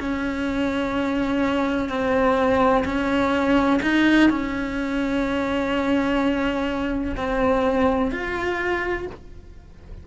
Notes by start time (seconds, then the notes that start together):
0.00 C#4
1.89 C4
2.85 C#4
3.83 D#4
4.30 C#4
7.17 C4
8.12 F4